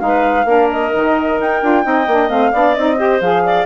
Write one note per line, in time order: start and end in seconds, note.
0.00 0.45 G#3
0.00 0.46 D#4
0.00 0.47 B4
0.00 0.69 F5
0.45 0.91 A#3
0.45 0.91 D4
0.45 1.84 A#4
0.71 1.40 D#5
0.91 1.40 D#3
0.91 1.60 D#4
1.40 1.63 D#4
1.40 2.30 G5
1.61 1.86 D4
1.61 1.84 F4
1.84 2.07 C4
1.84 2.07 D#4
1.84 2.52 D#5
2.07 2.30 A#3
2.07 2.30 D4
2.30 2.52 A3
2.30 2.53 C4
2.30 2.75 F5
2.52 2.77 B3
2.52 2.77 D4
2.52 2.97 D5
2.75 3.21 C4
2.75 2.98 D#4
2.75 3.20 D#5
2.97 3.21 G4
2.97 3.43 C5
3.21 3.66 F3
3.21 3.66 G#4
3.21 3.66 F5
3.45 3.66 D5